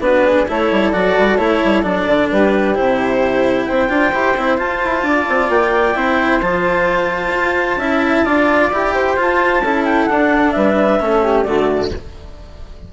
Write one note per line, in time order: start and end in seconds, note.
0.00 0.46 B3
0.00 0.47 D4
0.00 0.26 F#4
0.00 0.48 B4
0.26 0.49 G#4
0.48 0.72 A3
0.48 0.93 E4
0.48 2.32 A4
0.48 0.92 C#5
0.72 0.94 G3
0.92 1.17 F#3
0.92 1.38 F#4
0.92 1.37 D5
1.18 1.39 G3
1.37 1.62 A3
1.37 1.83 E4
1.37 1.83 C#5
1.64 1.84 G3
1.83 2.07 F#3
1.83 2.75 D4
1.83 2.29 D5
2.07 2.30 D3
2.31 2.78 G3
2.31 3.68 G4
2.31 2.76 B4
2.75 3.70 C3
2.75 3.89 E4
2.75 3.66 C5
3.66 3.90 C4
3.66 5.06 C5
3.66 4.57 G5
3.89 4.12 D4
3.89 4.12 F4
4.13 4.36 E4
4.13 4.35 G4
4.37 4.61 C4
4.37 4.58 E4
4.58 5.95 F4
4.58 4.84 F4
4.58 5.51 A5
4.84 5.03 E4
5.03 5.26 D4
5.03 5.97 D5
5.29 5.50 C4
5.50 5.96 A#3
5.50 6.42 G5
5.95 6.42 C4
5.95 6.41 E4
5.95 7.79 C5
6.42 7.34 F3
6.42 7.80 F4
6.42 8.71 A5
7.35 7.77 F4
7.77 8.23 C#4
7.77 8.26 E4
7.77 8.25 E5
8.25 8.72 D4
8.25 8.72 F4
8.25 8.94 D5
8.72 9.16 E4
8.72 9.17 G4
8.72 9.20 G5
8.94 9.63 C5
9.16 9.61 F4
9.16 9.63 F4
9.16 9.85 A5
9.61 10.06 C#4
9.61 10.10 E4
9.61 10.55 A4
9.85 10.06 G5
10.06 10.56 D4
10.06 11.00 D4
10.06 10.52 F#5
10.52 11.01 G3
10.52 11.02 B4
10.52 11.43 E5
11.00 11.46 A3
11.00 11.45 C#4
11.00 11.24 A4
11.24 11.46 G4
11.43 11.93 D3
11.43 11.91 A3
11.43 11.92 F#4
11.43 11.88 D5